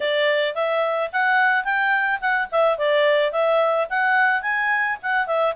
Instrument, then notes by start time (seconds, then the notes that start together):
clarinet
0.00 D5
0.54 E5
1.12 F#5
1.64 G5
2.20 F#5
2.52 E5
2.78 D5
3.32 E5
3.89 F#5
4.42 G#5
5.02 F#5
5.26 E5